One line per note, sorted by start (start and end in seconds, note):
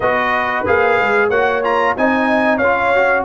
0.00 0.65 B3
0.00 0.66 F#4
0.00 1.29 B4
0.00 0.65 D#5
0.66 0.99 A#3
0.66 1.31 G#4
0.66 1.30 F5
0.99 1.29 G#3
1.29 1.95 A#3
1.29 1.64 F#4
1.29 1.94 C#5
1.29 1.62 F#5
1.64 1.96 F4
1.64 1.96 A#5
1.96 2.58 C4
1.96 2.62 D#4
1.96 2.57 D#5
1.96 2.58 G#5
2.57 3.24 C#4
2.57 3.22 C#5
2.57 3.23 F5
2.63 2.95 F4
2.95 3.24 F#4